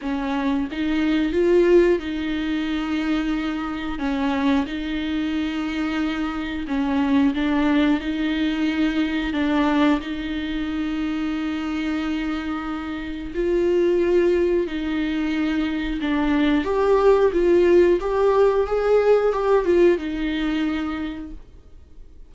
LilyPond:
\new Staff \with { instrumentName = "viola" } { \time 4/4 \tempo 4 = 90 cis'4 dis'4 f'4 dis'4~ | dis'2 cis'4 dis'4~ | dis'2 cis'4 d'4 | dis'2 d'4 dis'4~ |
dis'1 | f'2 dis'2 | d'4 g'4 f'4 g'4 | gis'4 g'8 f'8 dis'2 | }